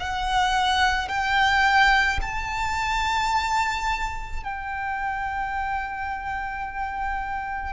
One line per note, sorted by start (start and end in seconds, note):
0.00 1.09 F#5
1.09 2.20 G5
2.22 4.43 A5
4.43 7.73 G5